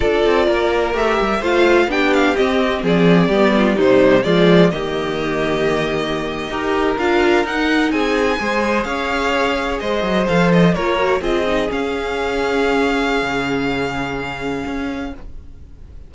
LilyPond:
<<
  \new Staff \with { instrumentName = "violin" } { \time 4/4 \tempo 4 = 127 d''2 e''4 f''4 | g''8 f''8 dis''4 d''2 | c''4 d''4 dis''2~ | dis''2~ dis''8. f''4 fis''16~ |
fis''8. gis''2 f''4~ f''16~ | f''8. dis''4 f''8 dis''8 cis''4 dis''16~ | dis''8. f''2.~ f''16~ | f''1 | }
  \new Staff \with { instrumentName = "violin" } { \time 4/4 a'4 ais'2 c''4 | g'2 gis'4 g'8 f'8 | dis'4 f'4 g'2~ | g'4.~ g'16 ais'2~ ais'16~ |
ais'8. gis'4 c''4 cis''4~ cis''16~ | cis''8. c''2 ais'4 gis'16~ | gis'1~ | gis'1 | }
  \new Staff \with { instrumentName = "viola" } { \time 4/4 f'2 g'4 f'4 | d'4 c'2 b4 | g4 gis4 ais2~ | ais4.~ ais16 g'4 f'4 dis'16~ |
dis'4.~ dis'16 gis'2~ gis'16~ | gis'4.~ gis'16 a'4 f'8 fis'8 f'16~ | f'16 dis'8 cis'2.~ cis'16~ | cis'1 | }
  \new Staff \with { instrumentName = "cello" } { \time 4/4 d'8 c'8 ais4 a8 g8 a4 | b4 c'4 f4 g4 | c4 f4 dis2~ | dis4.~ dis16 dis'4 d'4 dis'16~ |
dis'8. c'4 gis4 cis'4~ cis'16~ | cis'8. gis8 fis8 f4 ais4 c'16~ | c'8. cis'2.~ cis'16 | cis2. cis'4 | }
>>